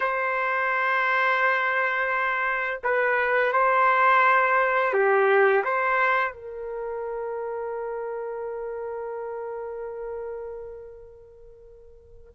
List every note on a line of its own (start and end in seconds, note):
0.00 2.80 C5
2.83 3.52 B4
3.52 4.93 C5
4.93 5.63 G4
5.64 6.32 C5
6.32 12.32 A#4